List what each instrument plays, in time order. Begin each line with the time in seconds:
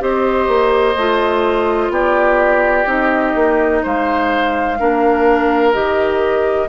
0.00 bassoon C4, clarinet G4, oboe C5, flute D#5
0.48 bassoon A#3
0.97 bassoon A3, clarinet F4
1.90 bassoon B3, oboe G4, flute D5
2.86 bassoon C4, clarinet D#4, flute D#5
3.35 bassoon A#3
3.83 bassoon G#3, oboe C5, flute F5
4.80 bassoon A#3, clarinet D4, oboe A#4
5.73 bassoon D#3, clarinet G4, flute D#5